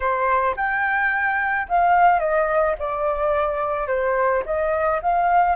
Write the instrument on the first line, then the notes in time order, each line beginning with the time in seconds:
flute
0.00 C5
0.56 G5
1.68 F5
2.19 D#5
2.78 D5
3.87 C5
4.45 D#5
5.02 F5